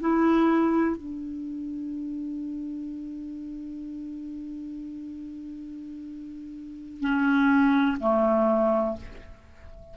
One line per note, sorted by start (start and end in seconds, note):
0.00 0.97 E4
0.97 7.00 D4
7.00 7.97 C#4
8.00 8.96 A3